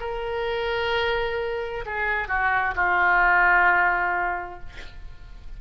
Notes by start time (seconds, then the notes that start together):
0.00 A#4
1.85 G#4
2.28 F#4
2.75 F4